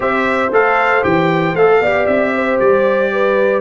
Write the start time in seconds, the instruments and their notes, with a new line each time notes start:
0.00 tuba C4, trombone G4, horn C5, trumpet E5
0.51 tuba A3, trombone A4, trumpet F5
1.01 tuba E3, trombone G4, trumpet G5
1.54 tuba A3, trombone A4, trumpet F5
1.80 tuba B3, trombone G4, horn D5
2.06 tuba C4, trumpet E5
2.35 horn C5
2.59 tuba G3, trumpet D5
3.12 horn B4